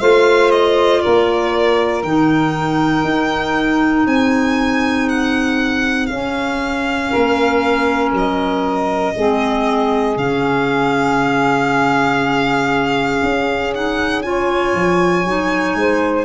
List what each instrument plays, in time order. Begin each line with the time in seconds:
0.00 tuba A3, clarinet F4, saxophone C5, violin F5
0.51 violin D#5
1.01 tuba A#3, saxophone A#4, violin D5
2.03 tuba D#3, clarinet D#4, violin G5
3.04 tuba D#4
4.06 tuba C4, saxophone G#4, violin G#5
5.09 violin F#5
6.06 tuba C#4, clarinet C#4, violin F5
7.10 tuba A#3, saxophone A#4
8.12 tuba F#3, violin D#5
9.16 tuba G#3, clarinet C4, saxophone G#4
10.16 tuba C#3, clarinet C#4, violin F5
13.23 tuba C#4
13.73 clarinet D#4, violin F#5
14.22 clarinet F4, saxophone C#5, violin G#5
14.74 tuba F3
15.25 tuba F#3, clarinet D#4
15.75 tuba G#3, saxophone C5